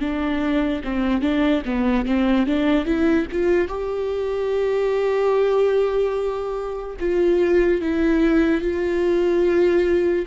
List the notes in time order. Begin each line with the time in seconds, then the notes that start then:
0.00 D4
0.84 C4
1.21 D4
1.65 B3
2.05 C4
2.46 D4
2.85 E4
3.31 F4
3.68 G4
6.99 F4
7.81 E4
8.61 F4